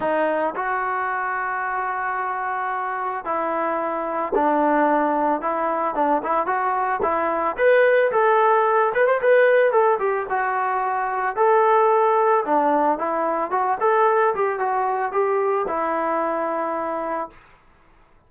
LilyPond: \new Staff \with { instrumentName = "trombone" } { \time 4/4 \tempo 4 = 111 dis'4 fis'2.~ | fis'2 e'2 | d'2 e'4 d'8 e'8 | fis'4 e'4 b'4 a'4~ |
a'8 b'16 c''16 b'4 a'8 g'8 fis'4~ | fis'4 a'2 d'4 | e'4 fis'8 a'4 g'8 fis'4 | g'4 e'2. | }